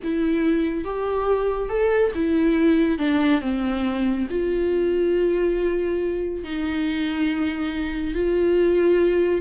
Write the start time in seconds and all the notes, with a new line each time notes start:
0.03 E4
0.84 G4
1.69 A4
2.14 E4
2.98 D4
3.41 C4
4.30 F4
6.43 D#4
8.14 F4